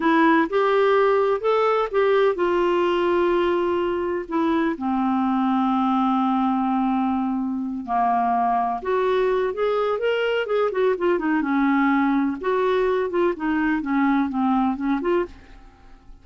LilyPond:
\new Staff \with { instrumentName = "clarinet" } { \time 4/4 \tempo 4 = 126 e'4 g'2 a'4 | g'4 f'2.~ | f'4 e'4 c'2~ | c'1~ |
c'8 ais2 fis'4. | gis'4 ais'4 gis'8 fis'8 f'8 dis'8 | cis'2 fis'4. f'8 | dis'4 cis'4 c'4 cis'8 f'8 | }